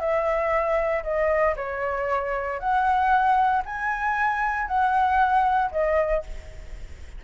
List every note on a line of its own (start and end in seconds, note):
0.00 1.03 E5
1.04 1.56 D#5
1.57 2.60 C#5
2.60 3.63 F#5
3.66 4.68 G#5
4.68 5.71 F#5
5.72 6.24 D#5